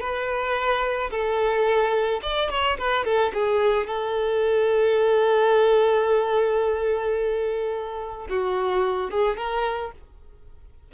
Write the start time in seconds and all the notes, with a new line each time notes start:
0.00 B4
1.11 A4
2.22 D5
2.50 C#5
2.78 B4
3.05 A4
3.34 G#4
3.87 A4
8.29 F#4
9.11 G#4
9.37 A#4